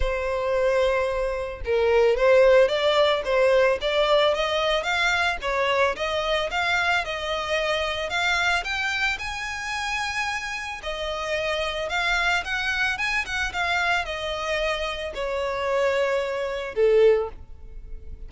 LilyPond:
\new Staff \with { instrumentName = "violin" } { \time 4/4 \tempo 4 = 111 c''2. ais'4 | c''4 d''4 c''4 d''4 | dis''4 f''4 cis''4 dis''4 | f''4 dis''2 f''4 |
g''4 gis''2. | dis''2 f''4 fis''4 | gis''8 fis''8 f''4 dis''2 | cis''2. a'4 | }